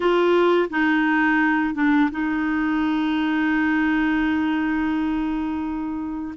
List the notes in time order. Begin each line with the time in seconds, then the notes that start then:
0.00 F4
0.69 D#4
1.74 D4
2.11 D#4